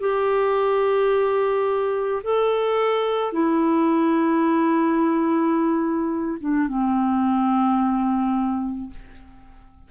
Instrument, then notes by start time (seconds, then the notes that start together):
clarinet
0.00 G4
2.23 A4
3.32 E4
6.40 D4
6.68 C4